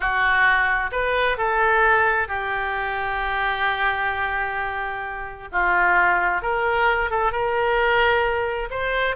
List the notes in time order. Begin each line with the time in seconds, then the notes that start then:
0.00 F#4
0.91 B4
1.37 A4
2.28 G4
5.52 F4
6.42 A#4
7.10 A4
7.32 A#4
8.70 C5